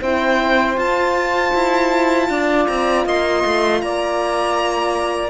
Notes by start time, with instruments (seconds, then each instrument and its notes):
0.00 cello C4, horn E4, saxophone C5, violin G5
0.75 horn F4, cello F4, violin A5
1.54 cello E4
2.28 cello D4, saxophone D5
2.66 cello C4, violin A#5
3.05 cello A#3, saxophone D#5, violin C6
3.44 cello A3
3.81 cello A#3, saxophone D5, violin A#5